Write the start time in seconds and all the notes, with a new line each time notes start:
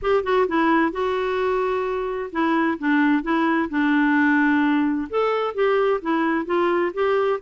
0.02 G4
0.23 F#4
0.48 E4
0.92 F#4
2.31 E4
2.78 D4
3.22 E4
3.69 D4
5.09 A4
5.54 G4
6.01 E4
6.45 F4
6.93 G4